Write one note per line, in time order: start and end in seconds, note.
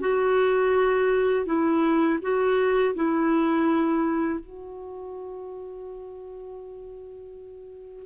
0.00 1.45 F#4
1.45 2.19 E4
2.22 2.95 F#4
2.95 4.40 E4
4.40 8.06 F#4